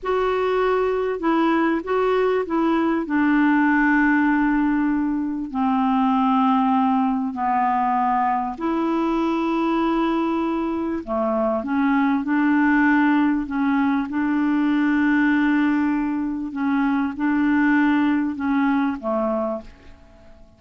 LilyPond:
\new Staff \with { instrumentName = "clarinet" } { \time 4/4 \tempo 4 = 98 fis'2 e'4 fis'4 | e'4 d'2.~ | d'4 c'2. | b2 e'2~ |
e'2 a4 cis'4 | d'2 cis'4 d'4~ | d'2. cis'4 | d'2 cis'4 a4 | }